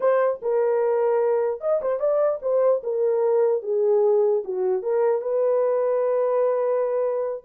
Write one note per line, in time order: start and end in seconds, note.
0.00 0.40 C5
0.42 1.60 A#4
1.60 1.80 D#5
1.81 1.99 C5
1.99 2.39 D5
2.42 2.82 C5
2.83 3.62 A#4
3.62 4.43 G#4
4.44 4.82 F#4
4.82 5.21 A#4
5.21 7.43 B4